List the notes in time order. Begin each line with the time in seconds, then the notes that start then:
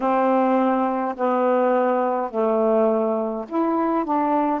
0.00 C4
1.16 B3
2.30 A3
3.48 E4
4.04 D4